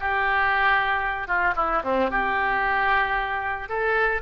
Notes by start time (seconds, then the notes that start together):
0.00 G4
1.28 F4
1.56 E4
1.84 C4
2.11 G4
3.69 A4